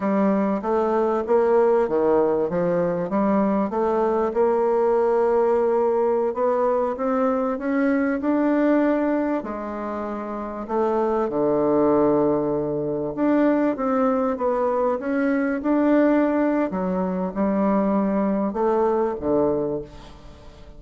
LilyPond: \new Staff \with { instrumentName = "bassoon" } { \time 4/4 \tempo 4 = 97 g4 a4 ais4 dis4 | f4 g4 a4 ais4~ | ais2~ ais16 b4 c'8.~ | c'16 cis'4 d'2 gis8.~ |
gis4~ gis16 a4 d4.~ d16~ | d4~ d16 d'4 c'4 b8.~ | b16 cis'4 d'4.~ d'16 fis4 | g2 a4 d4 | }